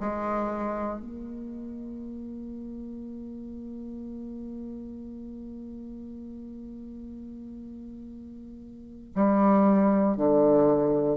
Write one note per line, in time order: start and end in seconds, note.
0.00 1.00 G#3
1.00 9.13 A#3
9.15 10.16 G3
10.16 11.17 D3